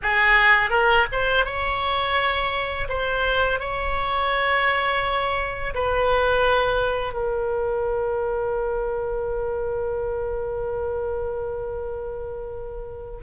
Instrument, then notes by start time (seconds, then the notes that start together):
oboe
0.02 G#4
0.70 A#4
1.12 C5
1.45 C#5
2.88 C5
3.59 C#5
5.74 B4
7.13 A#4